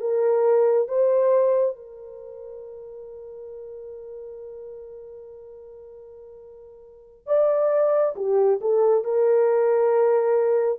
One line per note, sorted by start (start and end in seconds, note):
0.00 0.88 A#4
0.88 1.76 C5
1.76 7.27 A#4
7.27 8.15 D5
8.16 8.60 G4
8.61 9.04 A4
9.04 10.79 A#4